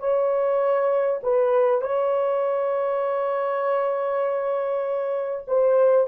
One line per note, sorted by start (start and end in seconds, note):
0.00 1.21 C#5
1.23 1.82 B4
1.82 5.45 C#5
5.48 6.08 C5